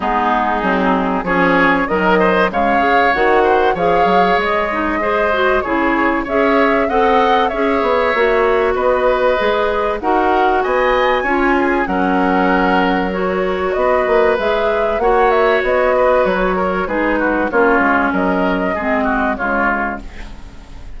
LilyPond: <<
  \new Staff \with { instrumentName = "flute" } { \time 4/4 \tempo 4 = 96 gis'2 cis''4 dis''4 | f''4 fis''4 f''4 dis''4~ | dis''4 cis''4 e''4 fis''4 | e''2 dis''2 |
fis''4 gis''2 fis''4~ | fis''4 cis''4 dis''4 e''4 | fis''8 e''8 dis''4 cis''4 b'4 | cis''4 dis''2 cis''4 | }
  \new Staff \with { instrumentName = "oboe" } { \time 4/4 dis'2 gis'4 ais'8 c''8 | cis''4. c''8 cis''2 | c''4 gis'4 cis''4 dis''4 | cis''2 b'2 |
ais'4 dis''4 cis''8 gis'8 ais'4~ | ais'2 b'2 | cis''4. b'4 ais'8 gis'8 fis'8 | f'4 ais'4 gis'8 fis'8 f'4 | }
  \new Staff \with { instrumentName = "clarinet" } { \time 4/4 b4 c'4 cis'4 fis4 | gis8 gis'8 fis'4 gis'4. dis'8 | gis'8 fis'8 e'4 gis'4 a'4 | gis'4 fis'2 gis'4 |
fis'2 f'4 cis'4~ | cis'4 fis'2 gis'4 | fis'2. dis'4 | cis'2 c'4 gis4 | }
  \new Staff \with { instrumentName = "bassoon" } { \time 4/4 gis4 fis4 f4 dis4 | cis4 dis4 f8 fis8 gis4~ | gis4 cis4 cis'4 c'4 | cis'8 b8 ais4 b4 gis4 |
dis'4 b4 cis'4 fis4~ | fis2 b8 ais8 gis4 | ais4 b4 fis4 gis4 | ais8 gis8 fis4 gis4 cis4 | }
>>